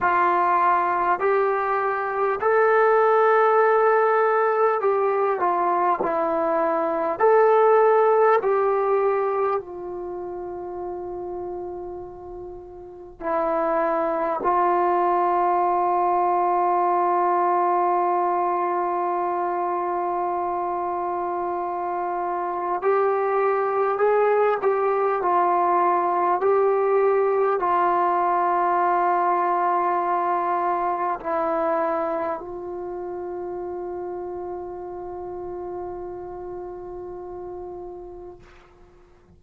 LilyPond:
\new Staff \with { instrumentName = "trombone" } { \time 4/4 \tempo 4 = 50 f'4 g'4 a'2 | g'8 f'8 e'4 a'4 g'4 | f'2. e'4 | f'1~ |
f'2. g'4 | gis'8 g'8 f'4 g'4 f'4~ | f'2 e'4 f'4~ | f'1 | }